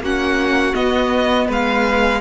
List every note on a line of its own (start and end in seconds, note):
0.00 0.73 A#3
0.00 0.74 C#4
0.00 1.48 F#4
0.00 0.74 F#5
0.74 2.20 B3
0.74 1.49 B3
0.74 1.48 D#5
1.48 2.21 G#3
1.48 2.21 B4
1.48 2.21 F5